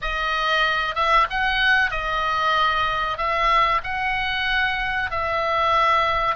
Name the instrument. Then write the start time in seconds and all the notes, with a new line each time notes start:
oboe
0.01 D#5
0.95 E5
1.29 F#5
1.91 D#5
3.17 E5
3.83 F#5
5.10 E5